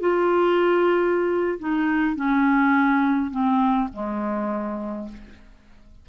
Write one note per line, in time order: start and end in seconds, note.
0.00 1.59 F4
1.59 2.16 D#4
2.16 3.31 C#4
3.31 3.89 C4
3.93 5.08 G#3